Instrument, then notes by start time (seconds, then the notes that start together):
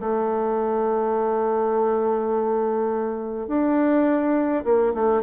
bassoon
0.00 A3
3.47 D4
4.64 A#3
4.94 A3